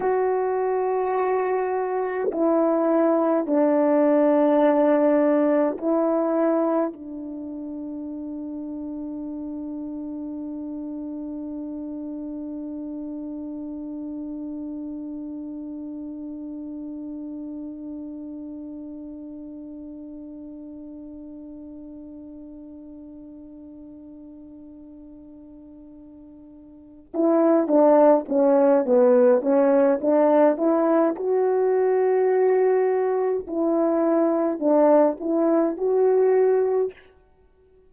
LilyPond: \new Staff \with { instrumentName = "horn" } { \time 4/4 \tempo 4 = 52 fis'2 e'4 d'4~ | d'4 e'4 d'2~ | d'1~ | d'1~ |
d'1~ | d'2.~ d'8 e'8 | d'8 cis'8 b8 cis'8 d'8 e'8 fis'4~ | fis'4 e'4 d'8 e'8 fis'4 | }